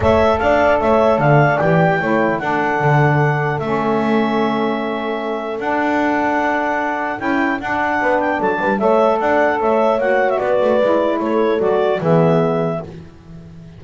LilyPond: <<
  \new Staff \with { instrumentName = "clarinet" } { \time 4/4 \tempo 4 = 150 e''4 f''4 e''4 f''4 | g''2 fis''2~ | fis''4 e''2.~ | e''2 fis''2~ |
fis''2 g''4 fis''4~ | fis''8 g''8 a''4 e''4 fis''4 | e''4 fis''8. e''16 d''2 | cis''4 d''4 e''2 | }
  \new Staff \with { instrumentName = "horn" } { \time 4/4 cis''4 d''4 cis''4 d''4~ | d''4 cis''4 a'2~ | a'1~ | a'1~ |
a'1 | b'4 a'8 b'8 cis''4 d''4 | cis''2 b'2 | a'2 gis'2 | }
  \new Staff \with { instrumentName = "saxophone" } { \time 4/4 a'1 | g'4 e'4 d'2~ | d'4 cis'2.~ | cis'2 d'2~ |
d'2 e'4 d'4~ | d'2 a'2~ | a'4 fis'2 e'4~ | e'4 fis'4 b2 | }
  \new Staff \with { instrumentName = "double bass" } { \time 4/4 a4 d'4 a4 d4 | e4 a4 d'4 d4~ | d4 a2.~ | a2 d'2~ |
d'2 cis'4 d'4 | b4 fis8 g8 a4 d'4 | a4 ais4 b8 a8 gis4 | a4 fis4 e2 | }
>>